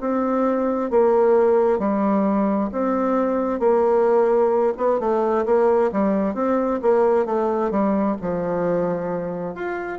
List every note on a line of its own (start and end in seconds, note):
0.00 0.90 C4
0.90 1.79 A#3
1.79 2.69 G3
2.71 3.60 C4
3.60 4.73 A#3
4.77 5.00 B3
5.00 5.45 A3
5.45 5.90 A#3
5.92 6.34 G3
6.34 6.80 C4
6.81 7.25 A#3
7.25 7.70 A3
7.70 8.16 G3
8.21 9.55 F3
9.55 9.98 F4